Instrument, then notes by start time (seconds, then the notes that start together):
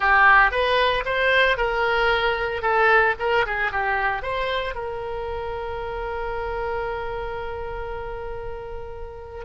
oboe
0.00 G4
0.51 B4
1.05 C5
1.57 A#4
2.62 A4
3.19 A#4
3.45 G#4
3.71 G4
4.22 C5
4.74 A#4